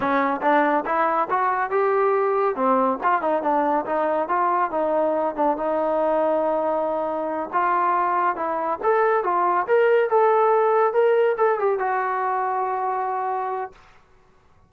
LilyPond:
\new Staff \with { instrumentName = "trombone" } { \time 4/4 \tempo 4 = 140 cis'4 d'4 e'4 fis'4 | g'2 c'4 f'8 dis'8 | d'4 dis'4 f'4 dis'4~ | dis'8 d'8 dis'2.~ |
dis'4. f'2 e'8~ | e'8 a'4 f'4 ais'4 a'8~ | a'4. ais'4 a'8 g'8 fis'8~ | fis'1 | }